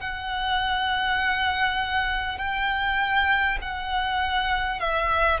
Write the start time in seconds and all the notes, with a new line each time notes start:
0.00 F#5
2.38 G5
3.61 F#5
4.79 E5